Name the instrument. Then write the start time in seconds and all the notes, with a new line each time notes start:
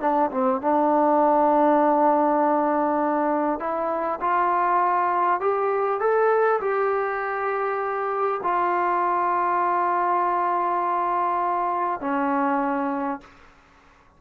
trombone
0.00 D4
0.31 C4
0.61 D4
3.59 E4
4.20 F4
5.40 G4
6.00 A4
6.60 G4
8.43 F4
12.00 C#4